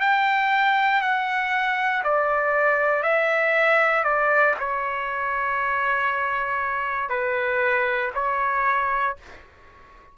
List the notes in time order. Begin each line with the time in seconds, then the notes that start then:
0.00 G5
1.01 F#5
2.03 D5
3.03 E5
4.04 D5
4.59 C#5
7.09 B4
8.14 C#5